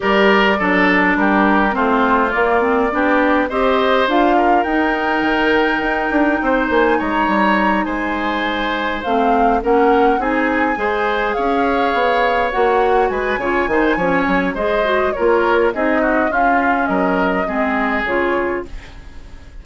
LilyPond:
<<
  \new Staff \with { instrumentName = "flute" } { \time 4/4 \tempo 4 = 103 d''2 ais'4 c''4 | d''2 dis''4 f''4 | g''2.~ g''8 gis''8 | ais''4. gis''2 f''8~ |
f''8 fis''4 gis''2 f''8~ | f''4. fis''4 gis''4.~ | gis''4 dis''4 cis''4 dis''4 | f''4 dis''2 cis''4 | }
  \new Staff \with { instrumentName = "oboe" } { \time 4/4 ais'4 a'4 g'4 f'4~ | f'4 g'4 c''4. ais'8~ | ais'2. c''4 | cis''4. c''2~ c''8~ |
c''8 ais'4 gis'4 c''4 cis''8~ | cis''2~ cis''8 b'8 cis''8 c''8 | cis''4 c''4 ais'4 gis'8 fis'8 | f'4 ais'4 gis'2 | }
  \new Staff \with { instrumentName = "clarinet" } { \time 4/4 g'4 d'2 c'4 | ais8 c'8 d'4 g'4 f'4 | dis'1~ | dis'2.~ dis'8 c'8~ |
c'8 cis'4 dis'4 gis'4.~ | gis'4. fis'4. f'8 dis'8 | cis'4 gis'8 fis'8 f'4 dis'4 | cis'2 c'4 f'4 | }
  \new Staff \with { instrumentName = "bassoon" } { \time 4/4 g4 fis4 g4 a4 | ais4 b4 c'4 d'4 | dis'4 dis4 dis'8 d'8 c'8 ais8 | gis8 g4 gis2 a8~ |
a8 ais4 c'4 gis4 cis'8~ | cis'8 b4 ais4 gis8 cis8 dis8 | f8 fis8 gis4 ais4 c'4 | cis'4 fis4 gis4 cis4 | }
>>